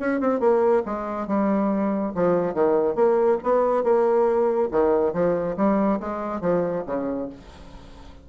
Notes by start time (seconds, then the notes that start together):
0.00 C#4
0.21 C4
0.41 A#3
0.86 G#3
1.28 G3
2.15 F3
2.55 D#3
2.96 A#3
3.44 B3
3.84 A#3
4.72 D#3
5.14 F3
5.58 G3
6.01 G#3
6.41 F3
6.87 C#3